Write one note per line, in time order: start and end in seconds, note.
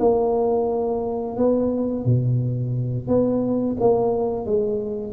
0.00 1.38 A#3
1.38 2.06 B3
2.06 3.08 B2
3.08 3.77 B3
3.81 4.46 A#3
4.46 5.13 G#3